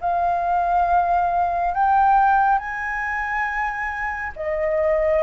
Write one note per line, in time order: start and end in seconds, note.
0.00 1.74 F5
1.74 2.58 G5
2.58 4.32 G#5
4.36 5.23 D#5